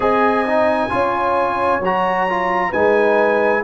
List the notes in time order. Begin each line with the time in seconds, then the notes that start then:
0.00 C4 G#4 D#5 G#5
0.46 D#4
0.89 C#4 F4 C#5
1.79 F#3 F#4 A#5
2.29 F4
2.70 G#3 D#4 B4 G#5